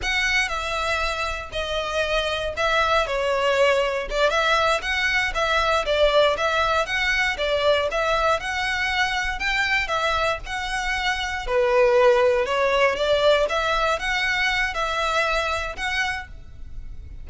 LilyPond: \new Staff \with { instrumentName = "violin" } { \time 4/4 \tempo 4 = 118 fis''4 e''2 dis''4~ | dis''4 e''4 cis''2 | d''8 e''4 fis''4 e''4 d''8~ | d''8 e''4 fis''4 d''4 e''8~ |
e''8 fis''2 g''4 e''8~ | e''8 fis''2 b'4.~ | b'8 cis''4 d''4 e''4 fis''8~ | fis''4 e''2 fis''4 | }